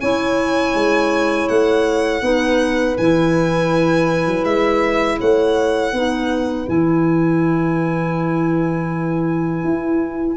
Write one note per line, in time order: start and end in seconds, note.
0.00 0.74 C#4
0.00 2.21 E4
0.00 2.22 C#5
0.00 1.49 G#5
0.74 1.48 G#3
1.49 2.22 A3
1.49 2.97 F#5
2.21 2.96 B3
2.21 2.96 D#4
2.21 5.19 B4
2.97 4.26 E3
2.97 5.94 E4
2.97 4.44 G#5
4.26 4.44 F#3
4.44 5.18 G#3
4.44 5.18 E5
5.20 5.93 A3
5.20 5.94 C#5
5.20 6.69 F#5
5.93 6.67 B3
5.93 6.67 D#4
5.93 10.36 B4
6.67 9.64 E3
6.67 10.36 E4
6.67 10.36 G#5
9.64 10.36 E4